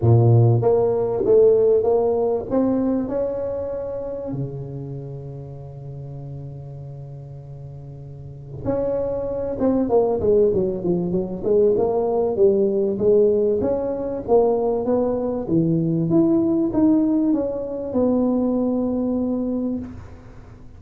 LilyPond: \new Staff \with { instrumentName = "tuba" } { \time 4/4 \tempo 4 = 97 ais,4 ais4 a4 ais4 | c'4 cis'2 cis4~ | cis1~ | cis2 cis'4. c'8 |
ais8 gis8 fis8 f8 fis8 gis8 ais4 | g4 gis4 cis'4 ais4 | b4 e4 e'4 dis'4 | cis'4 b2. | }